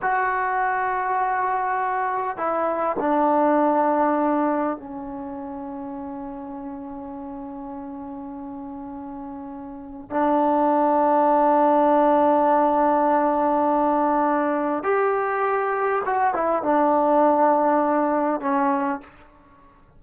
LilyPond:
\new Staff \with { instrumentName = "trombone" } { \time 4/4 \tempo 4 = 101 fis'1 | e'4 d'2. | cis'1~ | cis'1~ |
cis'4 d'2.~ | d'1~ | d'4 g'2 fis'8 e'8 | d'2. cis'4 | }